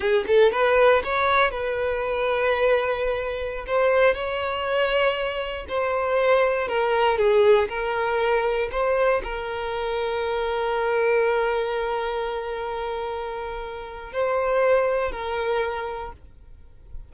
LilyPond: \new Staff \with { instrumentName = "violin" } { \time 4/4 \tempo 4 = 119 gis'8 a'8 b'4 cis''4 b'4~ | b'2.~ b'16 c''8.~ | c''16 cis''2. c''8.~ | c''4~ c''16 ais'4 gis'4 ais'8.~ |
ais'4~ ais'16 c''4 ais'4.~ ais'16~ | ais'1~ | ais'1 | c''2 ais'2 | }